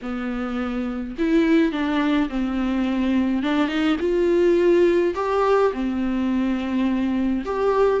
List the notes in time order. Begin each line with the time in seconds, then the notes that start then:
0.02 B3
1.18 E4
1.71 D4
2.29 C4
3.43 D4
3.68 D#4
3.99 F4
5.14 G4
5.73 C4
7.45 G4